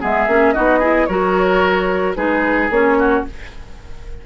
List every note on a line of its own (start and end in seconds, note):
0.00 0.27 G#3
0.00 0.27 B3
0.00 0.54 G#4
0.00 0.52 E5
0.27 0.54 A#3
0.27 0.55 C#4
0.52 1.09 B3
0.52 0.81 D#4
0.52 0.79 F#4
0.52 1.06 D#5
0.79 1.08 E4
0.79 1.06 G#4
1.06 2.16 F#3
1.06 2.15 F#4
1.06 2.17 A#4
1.06 2.14 C#5
2.15 2.70 G#3
2.15 2.69 D#4
2.15 2.98 G#4
2.15 2.70 B4
2.70 3.24 A#3
2.70 3.26 C#4
2.70 3.25 C#5
2.98 3.25 F#4